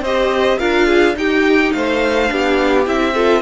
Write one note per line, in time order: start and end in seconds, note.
0.00 0.57 C4
0.00 0.59 G4
0.00 0.58 C5
0.00 0.59 D#5
0.58 1.16 D4
0.58 1.14 F4
0.58 0.87 A#4
0.58 1.15 F5
0.87 1.15 G#4
1.14 2.28 D#4
1.14 1.72 D#4
1.14 1.75 G4
1.14 1.72 G5
1.72 2.30 A3
1.72 2.32 C5
1.72 2.85 F5
2.28 2.87 B3
2.28 2.84 D4
2.28 3.14 G4
2.85 3.42 C4
2.85 3.14 E4
2.85 3.42 E5
3.14 3.42 F4
3.14 3.42 A4